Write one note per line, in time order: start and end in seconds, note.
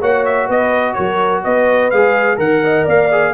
0.00 0.49 A#3
0.00 1.92 F#4
0.00 0.47 C#5
0.00 0.25 F#5
0.25 0.49 E5
0.47 0.96 B3
0.47 0.95 B4
0.47 0.93 D#5
0.93 1.45 F#3
0.93 1.43 A#4
0.93 1.41 C#5
1.44 1.92 B3
1.44 2.39 B4
1.44 1.90 D#5
1.90 2.38 G#3
1.90 2.37 G#4
1.90 2.38 F5
2.37 2.85 D#3
2.37 3.08 A#4
2.37 2.64 A#4
2.37 2.87 F#5
2.64 2.85 D#5
2.85 3.34 A#3
2.85 3.32 D5
2.85 3.34 F5
3.12 3.34 G#4